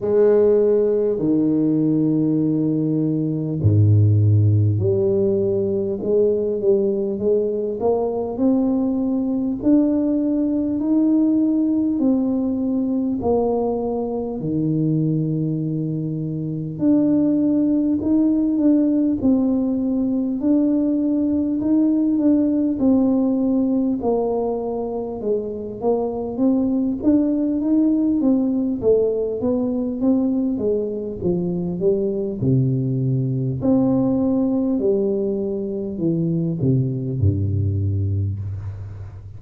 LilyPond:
\new Staff \with { instrumentName = "tuba" } { \time 4/4 \tempo 4 = 50 gis4 dis2 gis,4 | g4 gis8 g8 gis8 ais8 c'4 | d'4 dis'4 c'4 ais4 | dis2 d'4 dis'8 d'8 |
c'4 d'4 dis'8 d'8 c'4 | ais4 gis8 ais8 c'8 d'8 dis'8 c'8 | a8 b8 c'8 gis8 f8 g8 c4 | c'4 g4 e8 c8 g,4 | }